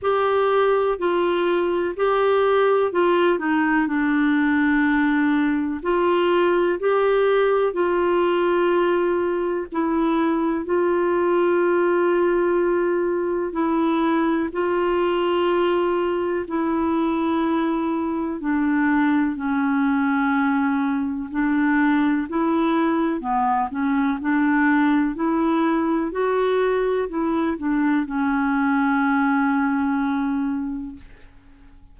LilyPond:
\new Staff \with { instrumentName = "clarinet" } { \time 4/4 \tempo 4 = 62 g'4 f'4 g'4 f'8 dis'8 | d'2 f'4 g'4 | f'2 e'4 f'4~ | f'2 e'4 f'4~ |
f'4 e'2 d'4 | cis'2 d'4 e'4 | b8 cis'8 d'4 e'4 fis'4 | e'8 d'8 cis'2. | }